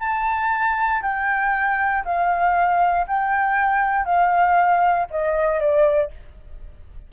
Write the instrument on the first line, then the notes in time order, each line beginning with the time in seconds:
flute
0.00 A5
1.02 G5
2.05 F5
3.07 G5
4.05 F5
5.10 D#5
5.60 D5